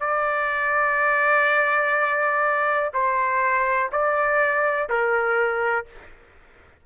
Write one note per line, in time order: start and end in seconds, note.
0.00 2.90 D5
2.93 3.90 C5
3.92 4.89 D5
4.89 5.86 A#4